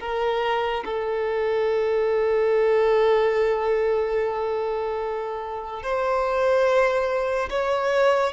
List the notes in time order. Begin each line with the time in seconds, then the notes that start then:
0.00 A#4
0.84 A4
5.82 C5
7.50 C#5